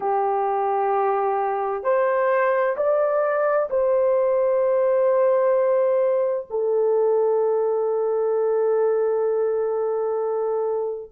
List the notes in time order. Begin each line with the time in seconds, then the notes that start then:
0.00 G4
1.83 C5
2.77 D5
3.70 C5
6.50 A4